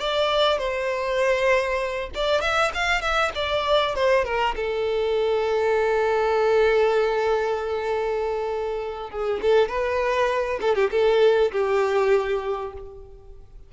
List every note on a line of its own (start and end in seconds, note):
0.00 0.58 D5
0.58 2.10 C5
2.15 2.41 D5
2.41 2.71 E5
2.75 3.01 F5
3.01 3.32 E5
3.35 3.95 D5
3.95 4.25 C5
4.25 4.55 A#4
4.56 9.10 A4
9.10 9.40 G#4
9.42 9.69 A4
9.69 10.60 B4
10.61 10.75 A4
10.75 10.91 G4
10.91 11.52 A4
11.52 12.73 G4